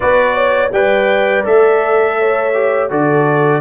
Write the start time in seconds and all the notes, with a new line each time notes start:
0.00 B3 F#4 B4 D5
0.34 C#5
0.71 G3 B4 D5 G5
1.44 A3 A4 E5
2.18 C#5
2.54 G4
2.90 D3 F#4 A4 D5